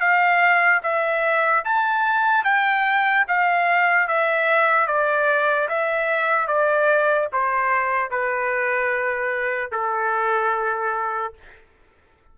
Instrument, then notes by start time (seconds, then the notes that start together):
trumpet
0.00 F5
0.83 E5
1.65 A5
2.44 G5
3.28 F5
4.08 E5
4.87 D5
5.68 E5
6.47 D5
7.32 C5
8.10 B4
9.71 A4